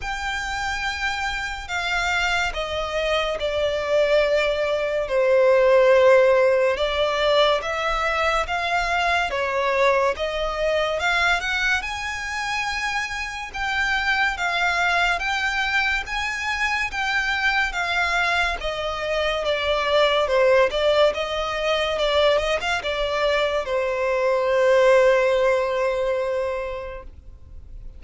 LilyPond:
\new Staff \with { instrumentName = "violin" } { \time 4/4 \tempo 4 = 71 g''2 f''4 dis''4 | d''2 c''2 | d''4 e''4 f''4 cis''4 | dis''4 f''8 fis''8 gis''2 |
g''4 f''4 g''4 gis''4 | g''4 f''4 dis''4 d''4 | c''8 d''8 dis''4 d''8 dis''16 f''16 d''4 | c''1 | }